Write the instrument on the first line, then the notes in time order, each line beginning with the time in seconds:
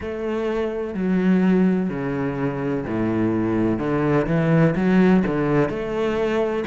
cello
0.00 A3
0.94 F#3
1.89 C#3
2.86 A2
3.78 D3
4.26 E3
4.75 F#3
5.26 D3
5.69 A3